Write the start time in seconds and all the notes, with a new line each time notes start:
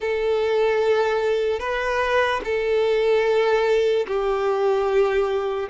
0.00 A4
1.59 B4
2.44 A4
4.07 G4